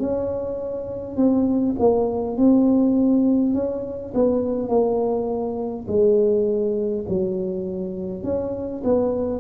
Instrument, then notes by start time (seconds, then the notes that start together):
tuba
0.00 C#4
1.17 C4
1.79 A#3
2.37 C4
3.55 C#4
4.14 B3
4.69 A#3
5.88 G#3
7.09 F#3
8.24 C#4
8.84 B3